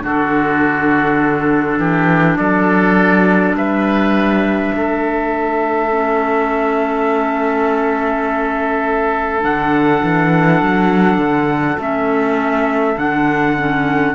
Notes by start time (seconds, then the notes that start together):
0.00 D3 D4 F#4
0.07 A4
1.78 E3 G4
2.37 F#3 A4 D5
3.54 G3 B4 E5
4.75 A3 A4
5.92 C#4
9.41 D3 D4 F#5
10.04 E3
10.62 F#3
11.19 D3
11.79 A3 C#4 E5
12.97 D3 D4 F#5
13.57 C#4